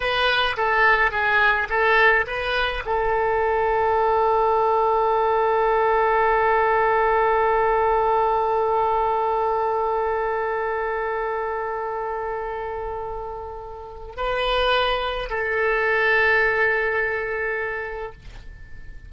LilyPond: \new Staff \with { instrumentName = "oboe" } { \time 4/4 \tempo 4 = 106 b'4 a'4 gis'4 a'4 | b'4 a'2.~ | a'1~ | a'1~ |
a'1~ | a'1~ | a'4 b'2 a'4~ | a'1 | }